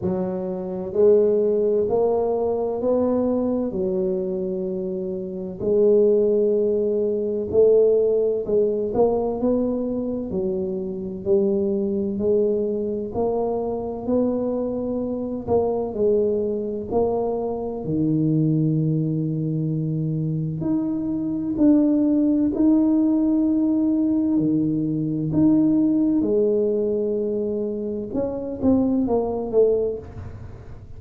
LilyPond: \new Staff \with { instrumentName = "tuba" } { \time 4/4 \tempo 4 = 64 fis4 gis4 ais4 b4 | fis2 gis2 | a4 gis8 ais8 b4 fis4 | g4 gis4 ais4 b4~ |
b8 ais8 gis4 ais4 dis4~ | dis2 dis'4 d'4 | dis'2 dis4 dis'4 | gis2 cis'8 c'8 ais8 a8 | }